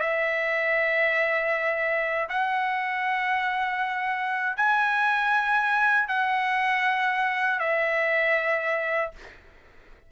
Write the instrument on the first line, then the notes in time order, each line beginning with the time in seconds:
trumpet
0.00 E5
2.29 F#5
4.56 G#5
6.08 F#5
7.59 E5